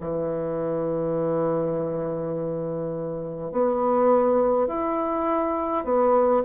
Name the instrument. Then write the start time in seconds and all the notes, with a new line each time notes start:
bassoon
0.00 E3
3.51 B3
4.67 E4
5.84 B3